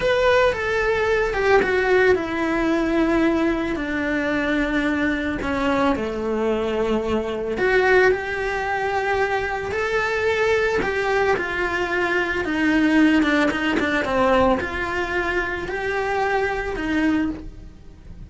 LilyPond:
\new Staff \with { instrumentName = "cello" } { \time 4/4 \tempo 4 = 111 b'4 a'4. g'8 fis'4 | e'2. d'4~ | d'2 cis'4 a4~ | a2 fis'4 g'4~ |
g'2 a'2 | g'4 f'2 dis'4~ | dis'8 d'8 dis'8 d'8 c'4 f'4~ | f'4 g'2 dis'4 | }